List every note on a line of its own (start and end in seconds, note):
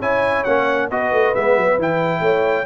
0.00 0.45 C#4
0.00 0.46 E4
0.00 0.89 C#5
0.00 0.44 G#5
0.44 0.91 A#3
0.44 0.91 C#4
0.44 0.89 F#5
0.90 1.12 B3
0.90 1.35 F#4
0.90 2.22 B4
0.90 1.35 D#5
1.12 1.34 A3
1.35 1.57 G#3
1.35 1.79 B3
1.35 1.79 E5
1.57 1.79 F#3
1.79 2.21 E3
1.79 2.66 E4
1.79 2.66 G5
2.21 2.65 A3
2.21 2.66 C#5